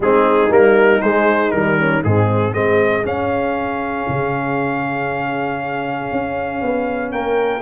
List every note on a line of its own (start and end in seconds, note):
0.00 0.49 G#3
0.00 0.49 C4
0.00 1.78 D#4
0.00 0.52 G#4
0.49 1.00 G3
0.49 1.00 A#3
0.49 1.01 A#4
1.01 1.53 G#3
1.01 1.52 G#3
1.01 1.51 C5
1.51 2.04 D#3
1.51 2.03 G3
1.51 2.02 A#4
1.78 2.03 C#4
2.03 2.53 G#2
2.03 2.52 G#3
2.03 2.55 C4
2.03 2.53 G#4
2.52 3.04 G#3
2.52 3.03 C4
2.52 7.12 G#4
2.52 3.04 D#5
3.03 7.60 C#4
3.03 4.07 C#4
3.03 7.12 F5
4.08 6.11 C#3
6.11 6.61 C#4
6.61 7.12 B3
7.12 7.61 A#3
7.12 7.61 A#4
7.12 7.61 G5